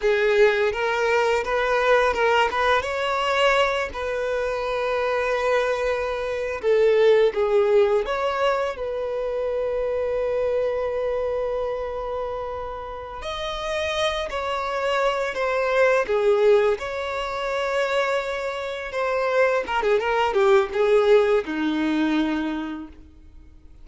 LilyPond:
\new Staff \with { instrumentName = "violin" } { \time 4/4 \tempo 4 = 84 gis'4 ais'4 b'4 ais'8 b'8 | cis''4. b'2~ b'8~ | b'4~ b'16 a'4 gis'4 cis''8.~ | cis''16 b'2.~ b'8.~ |
b'2~ b'8 dis''4. | cis''4. c''4 gis'4 cis''8~ | cis''2~ cis''8 c''4 ais'16 gis'16 | ais'8 g'8 gis'4 dis'2 | }